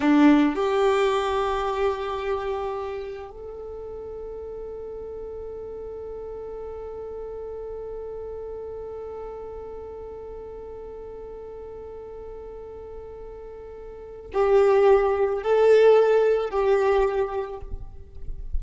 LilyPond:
\new Staff \with { instrumentName = "violin" } { \time 4/4 \tempo 4 = 109 d'4 g'2.~ | g'2 a'2~ | a'1~ | a'1~ |
a'1~ | a'1~ | a'2 g'2 | a'2 g'2 | }